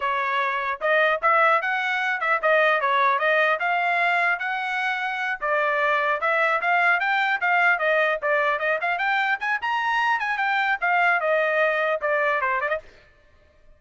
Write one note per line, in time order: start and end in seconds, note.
0.00 0.80 C#5
0.81 1.21 D#5
1.21 1.61 E5
1.61 2.20 F#5
2.20 2.40 E5
2.42 2.80 D#5
2.80 3.18 C#5
3.18 3.58 D#5
3.59 4.39 F5
4.39 5.39 F#5
5.40 6.20 D5
6.20 6.60 E5
6.61 7.00 F5
7.00 7.40 G5
7.40 7.79 F5
7.79 8.19 D#5
8.22 8.59 D5
8.59 8.79 D#5
8.81 8.98 F5
8.98 9.38 G5
9.39 9.59 G#5
9.61 10.19 A#5
10.19 10.37 G#5
10.37 10.77 G5
10.80 11.20 F5
11.20 12.00 D#5
12.01 12.41 D5
12.41 12.61 C5
12.61 12.68 D5
12.68 12.78 D#5